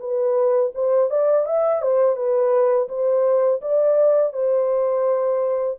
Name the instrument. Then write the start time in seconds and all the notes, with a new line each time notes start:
horn
0.00 B4
0.75 C5
1.10 D5
1.46 E5
1.82 C5
2.16 B4
2.89 C5
3.62 D5
4.33 C5